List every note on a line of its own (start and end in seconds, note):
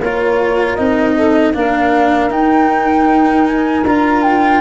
0.00 0.77 A#3
0.00 0.78 F4
0.00 1.16 A#4
0.00 0.76 C#5
0.76 1.55 C4
0.76 1.54 D#4
0.76 1.53 D#5
1.16 1.54 A4
1.54 2.30 A#3
1.54 2.31 D4
1.54 4.62 A#4
1.54 2.32 F5
2.30 3.84 D#4
2.30 3.47 G5
3.47 3.85 G#5
3.85 4.62 D4
3.85 4.62 F4
3.85 4.23 A#5
4.23 4.62 G5